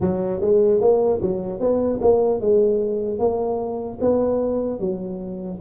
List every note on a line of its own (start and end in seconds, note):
0.00 0.40 F#3
0.40 0.80 G#3
0.80 1.20 A#3
1.21 1.60 F#3
1.60 2.00 B3
2.01 2.40 A#3
2.40 3.18 G#3
3.18 3.98 A#3
4.00 4.79 B3
4.79 5.59 F#3